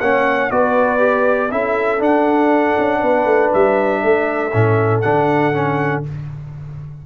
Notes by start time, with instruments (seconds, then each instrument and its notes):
0.00 tuba A#3, trombone C#4, horn C#5, trumpet F#5
0.50 tuba B3, trombone F#4, horn B4, trumpet D5
0.98 trombone G4
1.51 tuba C#4, trombone E4, horn A4, trumpet E5
1.98 trombone D4, tuba D4, trumpet F#5
2.78 tuba C#4
2.99 tuba B3, horn B4
3.25 tuba A3
3.53 tuba G3, trumpet E5
4.03 tuba A3, horn A4
4.53 tuba A2, trombone C#4
5.01 tuba D3, trombone D4, trumpet F#5
5.53 trombone C#4